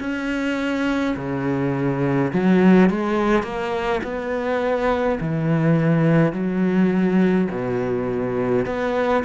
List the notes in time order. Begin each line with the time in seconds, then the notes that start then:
0.00 C#4
1.16 C#3
2.33 F#3
2.90 G#3
3.43 A#3
4.03 B3
5.20 E3
6.33 F#3
7.51 B2
8.66 B3